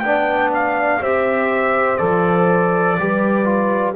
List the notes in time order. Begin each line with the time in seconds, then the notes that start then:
0.00 B3 D4 D5 G5
0.54 F5
1.01 C4 G4 C5 E5
1.97 F3 A4 D5
2.99 G3 G4 B4
3.45 F4